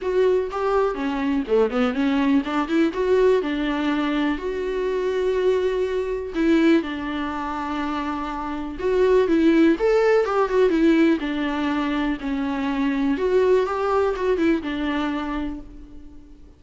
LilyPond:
\new Staff \with { instrumentName = "viola" } { \time 4/4 \tempo 4 = 123 fis'4 g'4 cis'4 a8 b8 | cis'4 d'8 e'8 fis'4 d'4~ | d'4 fis'2.~ | fis'4 e'4 d'2~ |
d'2 fis'4 e'4 | a'4 g'8 fis'8 e'4 d'4~ | d'4 cis'2 fis'4 | g'4 fis'8 e'8 d'2 | }